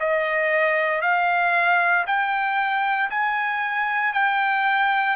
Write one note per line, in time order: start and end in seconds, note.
0.00 1.02 D#5
1.02 2.05 F5
2.07 3.10 G5
3.11 4.14 G#5
4.14 5.17 G5